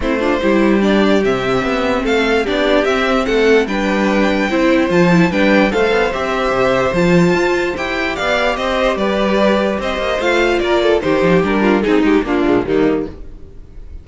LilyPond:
<<
  \new Staff \with { instrumentName = "violin" } { \time 4/4 \tempo 4 = 147 c''2 d''4 e''4~ | e''4 f''4 d''4 e''4 | fis''4 g''2. | a''4 g''4 f''4 e''4~ |
e''4 a''2 g''4 | f''4 dis''4 d''2 | dis''4 f''4 d''4 c''4 | ais'4 gis'8 g'8 f'4 dis'4 | }
  \new Staff \with { instrumentName = "violin" } { \time 4/4 e'8 f'8 g'2.~ | g'4 a'4 g'2 | a'4 b'2 c''4~ | c''4 b'4 c''2~ |
c''1 | d''4 c''4 b'2 | c''2 ais'8 a'8 g'4~ | g'8 f'8 dis'4 d'4 ais4 | }
  \new Staff \with { instrumentName = "viola" } { \time 4/4 c'8 d'8 e'4 d'4 c'4~ | c'2 d'4 c'4~ | c'4 d'2 e'4 | f'8 e'8 d'4 a'4 g'4~ |
g'4 f'2 g'4~ | g'1~ | g'4 f'2 dis'4 | d'4 dis'4 ais8 gis8 g4 | }
  \new Staff \with { instrumentName = "cello" } { \time 4/4 a4 g2 c4 | b4 a4 b4 c'4 | a4 g2 c'4 | f4 g4 a8 b8 c'4 |
c4 f4 f'4 e'4 | b4 c'4 g2 | c'8 ais8 a4 ais4 dis8 f8 | g4 c'8 gis8 ais8 ais,8 dis4 | }
>>